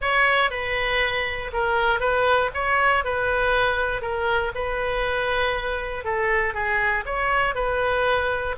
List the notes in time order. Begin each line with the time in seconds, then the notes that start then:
0.01 C#5
0.50 B4
1.52 A#4
2.00 B4
2.53 C#5
3.04 B4
4.01 A#4
4.54 B4
6.04 A4
6.53 G#4
7.05 C#5
7.54 B4